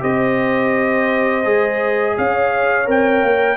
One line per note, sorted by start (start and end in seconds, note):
0.00 1.45 C4
0.00 1.43 G4
0.00 2.15 C5
0.00 2.17 D#5
1.45 2.16 G#3
1.45 2.85 G#4
2.17 2.87 C#4
2.17 3.56 C#5
2.17 2.89 F5
2.85 3.22 C4
2.85 3.56 A#4
2.85 3.56 G5
3.22 3.56 A#3